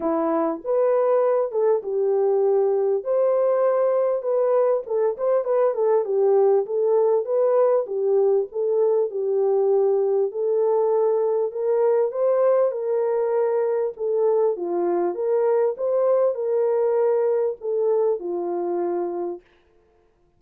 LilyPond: \new Staff \with { instrumentName = "horn" } { \time 4/4 \tempo 4 = 99 e'4 b'4. a'8 g'4~ | g'4 c''2 b'4 | a'8 c''8 b'8 a'8 g'4 a'4 | b'4 g'4 a'4 g'4~ |
g'4 a'2 ais'4 | c''4 ais'2 a'4 | f'4 ais'4 c''4 ais'4~ | ais'4 a'4 f'2 | }